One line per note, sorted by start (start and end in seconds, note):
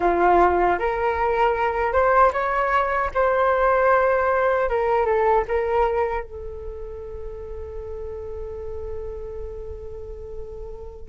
0.00 0.78 F4
0.79 1.92 A#4
1.92 2.31 C5
2.32 3.10 C#5
3.14 4.69 C5
4.69 5.05 A#4
5.05 5.44 A4
5.48 6.23 A#4
6.23 11.09 A4